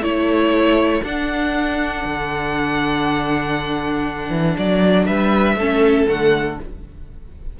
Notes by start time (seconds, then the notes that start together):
0.00 A3 E4 A4 C#5
1.03 D4 F#5
2.04 D3
4.29 E3
4.57 F#3 D5
5.05 G3 B4 E5
5.55 A3 C#4 A4
6.08 D3 A3 F#5